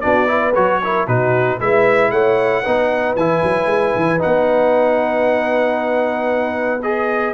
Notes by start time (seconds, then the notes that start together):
0.00 B3 D4 F#4 D5
0.27 E4 B4
0.54 F#3 F#4 C#5
0.83 E4 A#4
1.06 B2 D#4 F#4 B4
1.59 G#3 E4 B4 E5
2.11 A3 C#5 F#5
2.63 B3 D#4 B4
3.15 E3 E4 G#5
3.42 F#3
3.65 G#3
3.95 E3
4.18 D#4 F#5
4.25 B3
6.82 G#4 D#5